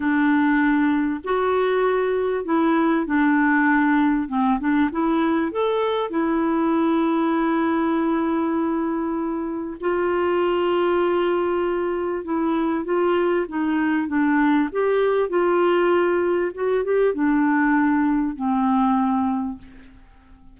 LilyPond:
\new Staff \with { instrumentName = "clarinet" } { \time 4/4 \tempo 4 = 98 d'2 fis'2 | e'4 d'2 c'8 d'8 | e'4 a'4 e'2~ | e'1 |
f'1 | e'4 f'4 dis'4 d'4 | g'4 f'2 fis'8 g'8 | d'2 c'2 | }